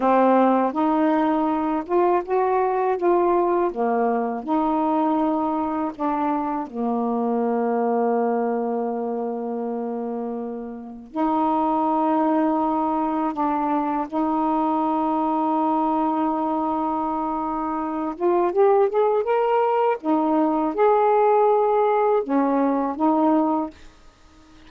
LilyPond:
\new Staff \with { instrumentName = "saxophone" } { \time 4/4 \tempo 4 = 81 c'4 dis'4. f'8 fis'4 | f'4 ais4 dis'2 | d'4 ais2.~ | ais2. dis'4~ |
dis'2 d'4 dis'4~ | dis'1~ | dis'8 f'8 g'8 gis'8 ais'4 dis'4 | gis'2 cis'4 dis'4 | }